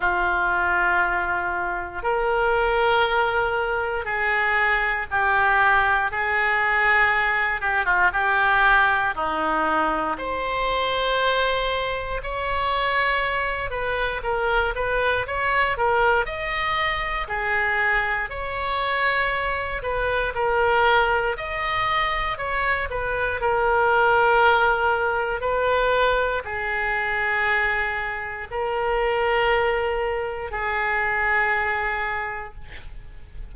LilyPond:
\new Staff \with { instrumentName = "oboe" } { \time 4/4 \tempo 4 = 59 f'2 ais'2 | gis'4 g'4 gis'4. g'16 f'16 | g'4 dis'4 c''2 | cis''4. b'8 ais'8 b'8 cis''8 ais'8 |
dis''4 gis'4 cis''4. b'8 | ais'4 dis''4 cis''8 b'8 ais'4~ | ais'4 b'4 gis'2 | ais'2 gis'2 | }